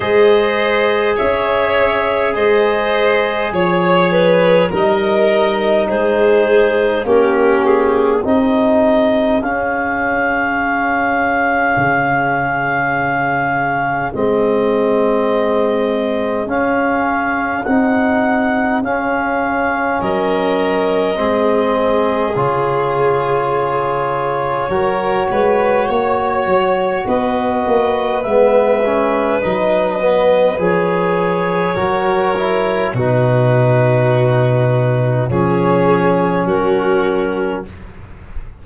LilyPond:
<<
  \new Staff \with { instrumentName = "clarinet" } { \time 4/4 \tempo 4 = 51 dis''4 e''4 dis''4 cis''4 | dis''4 c''4 ais'8 gis'8 dis''4 | f''1 | dis''2 f''4 fis''4 |
f''4 dis''2 cis''4~ | cis''2. dis''4 | e''4 dis''4 cis''2 | b'2 cis''4 ais'4 | }
  \new Staff \with { instrumentName = "violin" } { \time 4/4 c''4 cis''4 c''4 cis''8 b'8 | ais'4 gis'4 g'4 gis'4~ | gis'1~ | gis'1~ |
gis'4 ais'4 gis'2~ | gis'4 ais'8 b'8 cis''4 b'4~ | b'2. ais'4 | fis'2 gis'4 fis'4 | }
  \new Staff \with { instrumentName = "trombone" } { \time 4/4 gis'1 | dis'2 cis'4 dis'4 | cis'1 | c'2 cis'4 dis'4 |
cis'2 c'4 f'4~ | f'4 fis'2. | b8 cis'8 dis'8 b8 gis'4 fis'8 e'8 | dis'2 cis'2 | }
  \new Staff \with { instrumentName = "tuba" } { \time 4/4 gis4 cis'4 gis4 f4 | g4 gis4 ais4 c'4 | cis'2 cis2 | gis2 cis'4 c'4 |
cis'4 fis4 gis4 cis4~ | cis4 fis8 gis8 ais8 fis8 b8 ais8 | gis4 fis4 f4 fis4 | b,2 f4 fis4 | }
>>